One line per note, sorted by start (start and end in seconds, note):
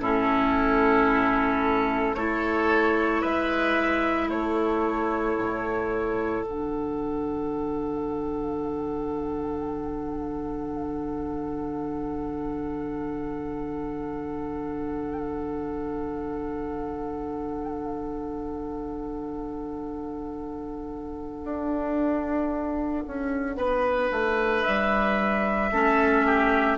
0.00 2.14 A2
0.00 2.15 C#4
0.00 2.15 E4
0.00 2.15 A4
2.15 3.22 A3
2.15 6.45 E4
2.15 3.21 A4
2.15 3.21 C#5
3.21 4.28 G#3
3.21 4.27 B4
3.21 4.29 E5
4.27 5.35 A3
4.27 23.56 A4
4.27 6.43 C#5
5.39 6.42 A2
6.42 21.42 D3
6.42 25.73 D4
6.42 24.61 F#5
21.44 23.04 D4
23.07 23.56 C#4
23.56 24.10 B3
23.56 25.71 B4
24.11 24.64 A3
24.61 25.72 G3
24.61 26.76 E5
25.72 26.78 A3
25.72 26.78 C#4
25.72 26.25 A4
26.25 26.78 G4